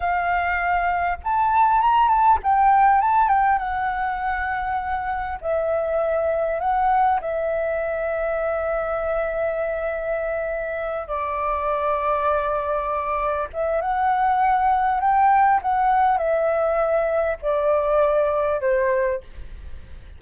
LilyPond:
\new Staff \with { instrumentName = "flute" } { \time 4/4 \tempo 4 = 100 f''2 a''4 ais''8 a''8 | g''4 a''8 g''8 fis''2~ | fis''4 e''2 fis''4 | e''1~ |
e''2~ e''8 d''4.~ | d''2~ d''8 e''8 fis''4~ | fis''4 g''4 fis''4 e''4~ | e''4 d''2 c''4 | }